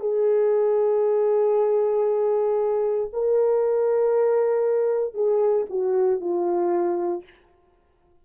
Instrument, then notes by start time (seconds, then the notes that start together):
horn
0.00 G#4
3.13 A#4
5.14 G#4
5.69 F#4
6.20 F4